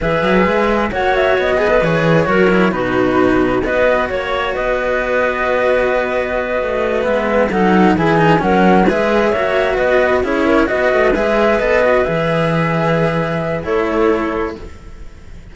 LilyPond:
<<
  \new Staff \with { instrumentName = "flute" } { \time 4/4 \tempo 4 = 132 e''2 fis''8 e''8 dis''4 | cis''2 b'2 | dis''4 cis''4 dis''2~ | dis''2.~ dis''8 e''8~ |
e''8 fis''4 gis''4 fis''4 e''8~ | e''4. dis''4 cis''4 dis''8~ | dis''8 e''4 dis''4 e''4.~ | e''2 cis''2 | }
  \new Staff \with { instrumentName = "clarinet" } { \time 4/4 b'2 cis''4. b'8~ | b'4 ais'4 fis'2 | b'4 cis''4 b'2~ | b'1~ |
b'8 a'4 gis'4 ais'4 b'8~ | b'8 cis''4 b'4 gis'8 ais'8 b'8~ | b'1~ | b'2 a'2 | }
  \new Staff \with { instrumentName = "cello" } { \time 4/4 gis'2 fis'4. gis'16 a'16 | gis'4 fis'8 e'8 dis'2 | fis'1~ | fis'2.~ fis'8 b8~ |
b8 dis'4 e'8 dis'8 cis'4 gis'8~ | gis'8 fis'2 e'4 fis'8~ | fis'8 gis'4 a'8 fis'8 gis'4.~ | gis'2 e'2 | }
  \new Staff \with { instrumentName = "cello" } { \time 4/4 e8 fis8 gis4 ais4 b4 | e4 fis4 b,2 | b4 ais4 b2~ | b2~ b8 a4 gis8~ |
gis8 fis4 e4 fis4 gis8~ | gis8 ais4 b4 cis'4 b8 | a8 gis4 b4 e4.~ | e2 a2 | }
>>